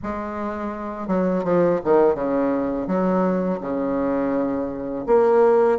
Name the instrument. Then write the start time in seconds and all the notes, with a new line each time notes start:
bassoon
0.02 G#3
1.07 F#3
1.44 F3
1.84 D#3
2.15 C#3
2.87 F#3
3.60 C#3
5.06 A#3